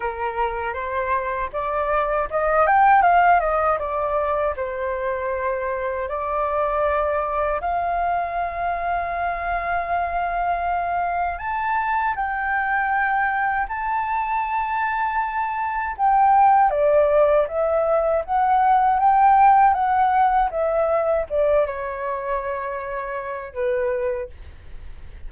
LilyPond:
\new Staff \with { instrumentName = "flute" } { \time 4/4 \tempo 4 = 79 ais'4 c''4 d''4 dis''8 g''8 | f''8 dis''8 d''4 c''2 | d''2 f''2~ | f''2. a''4 |
g''2 a''2~ | a''4 g''4 d''4 e''4 | fis''4 g''4 fis''4 e''4 | d''8 cis''2~ cis''8 b'4 | }